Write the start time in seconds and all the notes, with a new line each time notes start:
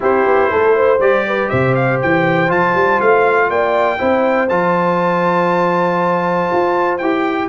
0.00 C4 E4 G4 C5
0.25 B3
0.50 A3 A4
0.76 C5
0.99 G3 G4 D5
1.26 B4
1.49 C3 C5 E5
1.74 F5
2.01 E3 G5
2.47 F3 F4 A5
2.74 G3
3.00 A3 F5
3.49 A#3 D5 G5
3.98 C4 E4 C5
4.48 F3 F4 A5
6.52 F4
6.98 E4 G4 G5